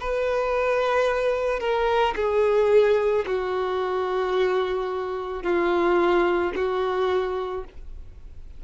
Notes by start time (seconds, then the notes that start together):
0.00 B4
1.60 A#4
2.16 G#4
3.26 F#4
5.43 F4
6.55 F#4